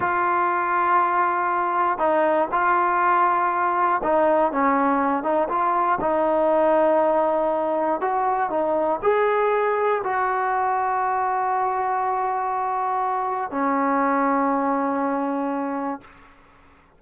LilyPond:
\new Staff \with { instrumentName = "trombone" } { \time 4/4 \tempo 4 = 120 f'1 | dis'4 f'2. | dis'4 cis'4. dis'8 f'4 | dis'1 |
fis'4 dis'4 gis'2 | fis'1~ | fis'2. cis'4~ | cis'1 | }